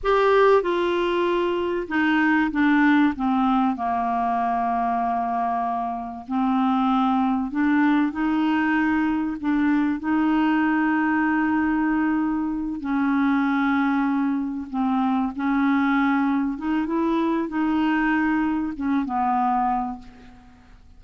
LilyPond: \new Staff \with { instrumentName = "clarinet" } { \time 4/4 \tempo 4 = 96 g'4 f'2 dis'4 | d'4 c'4 ais2~ | ais2 c'2 | d'4 dis'2 d'4 |
dis'1~ | dis'8 cis'2. c'8~ | c'8 cis'2 dis'8 e'4 | dis'2 cis'8 b4. | }